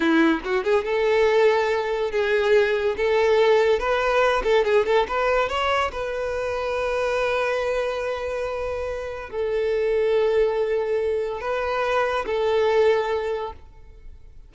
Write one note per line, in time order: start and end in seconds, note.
0.00 0.40 E4
0.44 0.64 F#4
0.64 0.84 G#4
0.84 2.11 A4
2.11 2.95 G#4
2.96 3.79 A4
3.79 4.42 B4
4.43 4.64 A4
4.64 4.85 G#4
4.85 5.06 A4
5.08 5.49 B4
5.49 5.91 C#5
5.92 9.30 B4
9.30 11.40 A4
11.40 12.25 B4
12.26 13.52 A4